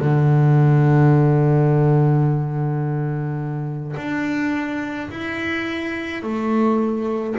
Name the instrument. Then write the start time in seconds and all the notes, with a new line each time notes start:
double bass
0.00 D3
3.97 D4
5.10 E4
6.23 A3